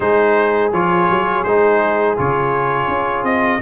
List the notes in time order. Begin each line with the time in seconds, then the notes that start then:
0.00 G#3 D#4 G#4 C5
0.72 F3 F4 C#5
1.10 F#3
1.43 G#3 D#4 C5
2.16 C#3 F4 C#5
2.87 C#4
3.23 C4 D#5